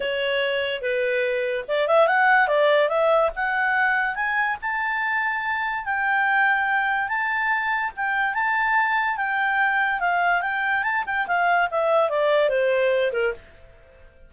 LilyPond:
\new Staff \with { instrumentName = "clarinet" } { \time 4/4 \tempo 4 = 144 cis''2 b'2 | d''8 e''8 fis''4 d''4 e''4 | fis''2 gis''4 a''4~ | a''2 g''2~ |
g''4 a''2 g''4 | a''2 g''2 | f''4 g''4 a''8 g''8 f''4 | e''4 d''4 c''4. ais'8 | }